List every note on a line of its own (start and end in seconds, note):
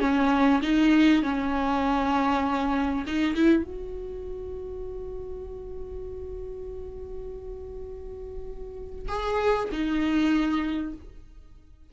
0.00 0.61 C#4
0.62 1.23 D#4
1.23 3.05 C#4
3.07 3.35 D#4
3.35 3.63 E4
3.63 9.08 F#4
9.09 9.69 G#4
9.72 10.93 D#4